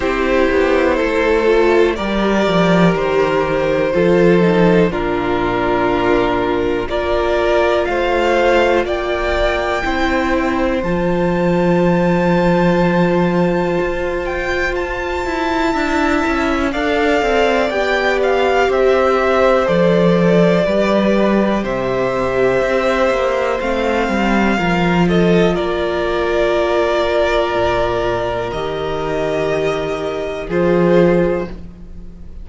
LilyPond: <<
  \new Staff \with { instrumentName = "violin" } { \time 4/4 \tempo 4 = 61 c''2 d''4 c''4~ | c''4 ais'2 d''4 | f''4 g''2 a''4~ | a''2~ a''8 g''8 a''4~ |
a''4 f''4 g''8 f''8 e''4 | d''2 e''2 | f''4. dis''8 d''2~ | d''4 dis''2 c''4 | }
  \new Staff \with { instrumentName = "violin" } { \time 4/4 g'4 a'4 ais'2 | a'4 f'2 ais'4 | c''4 d''4 c''2~ | c''1 |
e''4 d''2 c''4~ | c''4 b'4 c''2~ | c''4 ais'8 a'8 ais'2~ | ais'2. gis'4 | }
  \new Staff \with { instrumentName = "viola" } { \time 4/4 e'4. f'8 g'2 | f'8 dis'8 d'2 f'4~ | f'2 e'4 f'4~ | f'1 |
e'4 a'4 g'2 | a'4 g'2. | c'4 f'2.~ | f'4 g'2 f'4 | }
  \new Staff \with { instrumentName = "cello" } { \time 4/4 c'8 b8 a4 g8 f8 dis4 | f4 ais,2 ais4 | a4 ais4 c'4 f4~ | f2 f'4. e'8 |
d'8 cis'8 d'8 c'8 b4 c'4 | f4 g4 c4 c'8 ais8 | a8 g8 f4 ais2 | ais,4 dis2 f4 | }
>>